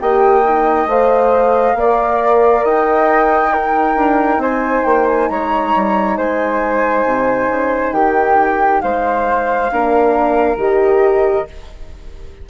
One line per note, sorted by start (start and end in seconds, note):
0.00 0.86 A#3
0.00 0.44 G4
0.00 1.78 D#5
0.00 0.88 G5
0.45 0.88 D#4
0.86 1.74 A3
0.86 1.77 C5
0.86 2.66 F5
1.74 2.63 A#3
1.74 3.52 A#4
1.74 2.65 D5
2.65 3.96 D#4
2.65 3.53 D#5
2.65 4.42 G5
3.52 9.70 D#4
3.52 4.41 A#4
3.96 4.38 D4
4.38 4.82 C4
4.38 5.30 C5
4.38 4.85 G#5
4.85 5.29 A#3
4.85 5.07 G5
5.07 5.29 G#5
5.29 5.74 G#3
5.29 6.17 C#5
5.29 6.17 A#5
5.75 6.18 G3
6.17 7.05 G#3
6.17 7.94 C5
6.17 7.93 G#5
7.05 7.48 C3
7.48 7.92 C#3
7.92 8.80 D#3
7.92 8.82 G4
7.92 8.81 G5
8.81 9.72 G#3
8.81 9.72 C5
8.81 10.57 F5
9.72 10.56 A#3
9.72 10.58 D4
9.72 11.50 A#4
10.56 11.45 D#3
10.56 11.47 G4
10.56 11.48 D#5